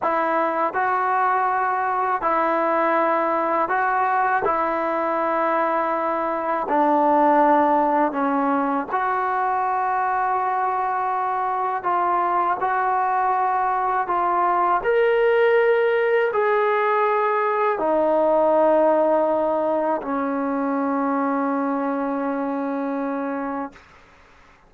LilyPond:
\new Staff \with { instrumentName = "trombone" } { \time 4/4 \tempo 4 = 81 e'4 fis'2 e'4~ | e'4 fis'4 e'2~ | e'4 d'2 cis'4 | fis'1 |
f'4 fis'2 f'4 | ais'2 gis'2 | dis'2. cis'4~ | cis'1 | }